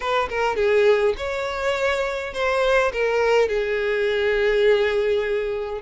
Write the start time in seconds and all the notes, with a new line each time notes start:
0.00 B4
0.29 A#4
0.56 G#4
1.17 C#5
2.33 C5
2.92 A#4
3.48 G#4